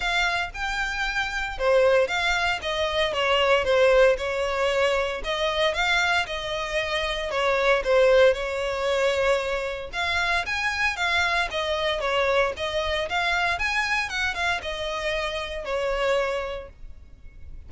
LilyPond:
\new Staff \with { instrumentName = "violin" } { \time 4/4 \tempo 4 = 115 f''4 g''2 c''4 | f''4 dis''4 cis''4 c''4 | cis''2 dis''4 f''4 | dis''2 cis''4 c''4 |
cis''2. f''4 | gis''4 f''4 dis''4 cis''4 | dis''4 f''4 gis''4 fis''8 f''8 | dis''2 cis''2 | }